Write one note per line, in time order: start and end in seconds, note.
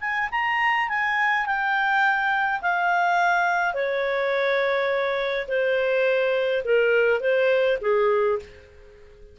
0.00 0.29 G#5
0.31 0.89 A#5
0.89 1.46 G#5
1.46 2.61 G5
2.61 3.74 F5
3.74 5.47 C#5
5.48 6.63 C5
6.64 7.20 A#4
7.20 7.78 C5
7.81 8.39 G#4